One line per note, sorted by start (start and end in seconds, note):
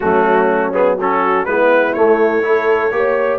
0.00 1.45 F#3
0.00 0.73 A3
0.00 0.97 C#4
0.00 0.72 F#4
0.73 0.97 B3
0.73 0.98 G#4
0.97 1.47 C#4
0.97 1.46 F#4
0.97 1.45 A4
1.45 1.94 G#3
1.45 1.95 B3
1.45 2.45 E4
1.45 1.93 B4
1.93 2.42 A3
1.93 2.91 A3
1.93 3.39 C#5
2.42 2.91 E4
2.42 2.94 A4
2.91 3.39 A#3
2.91 3.39 G4
2.91 3.39 C#5